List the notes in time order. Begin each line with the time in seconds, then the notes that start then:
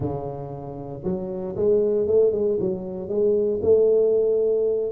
0.00 C#3
1.03 F#3
1.56 G#3
2.07 A3
2.32 G#3
2.60 F#3
3.08 G#3
3.62 A3